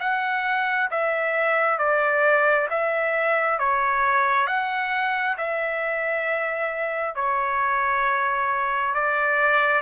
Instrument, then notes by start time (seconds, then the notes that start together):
trumpet
0.00 F#5
0.91 E5
1.78 D5
2.70 E5
3.59 C#5
4.47 F#5
5.38 E5
7.15 C#5
8.94 D5